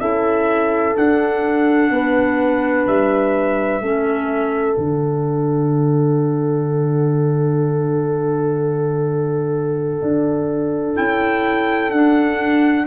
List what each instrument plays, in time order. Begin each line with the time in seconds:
0.00 tuba C#4, clarinet E4, horn A4, trumpet E5
0.94 clarinet D4, tuba D4, trumpet F#5
1.90 tuba B3, horn B4
2.87 tuba G3, trumpet E5
3.81 tuba A3, clarinet C#4, horn A4
4.76 tuba D3, clarinet D4, trumpet F#5
10.02 tuba D4
10.94 tuba C#4, clarinet E4, trumpet G5
11.91 tuba D4, clarinet D4, trumpet F#5